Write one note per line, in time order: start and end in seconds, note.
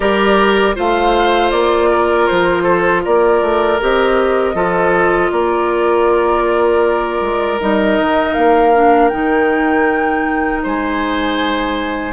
0.00 0.75 G3
0.00 0.75 G4
0.00 0.75 A#4
0.00 0.75 D5
0.75 1.52 A3
0.75 3.78 F4
0.75 1.89 C5
0.75 1.50 F5
1.50 2.28 A#3
1.50 2.26 D5
1.90 2.63 A#4
2.27 3.06 F3
2.27 3.03 C5
2.63 3.01 A4
3.04 3.41 A#3
3.04 4.55 A#4
3.04 3.80 D5
3.41 3.79 A3
3.80 4.54 C4
3.80 4.54 G4
3.80 5.31 D#5
4.54 5.30 F3
4.54 7.58 F4
4.54 5.31 A4
5.31 7.21 A#3
5.31 10.63 A#4
5.31 7.59 D5
7.21 7.59 G#3
7.59 7.99 G3
7.59 8.73 D#4
7.59 8.33 D#5
7.99 8.36 D#3
8.33 9.12 A#3
8.33 9.08 F5
8.73 9.10 D4
9.08 10.64 D#3
9.08 12.13 D#4
9.08 10.60 G5
10.63 12.13 G#3
10.63 12.13 C5
10.63 12.13 G#5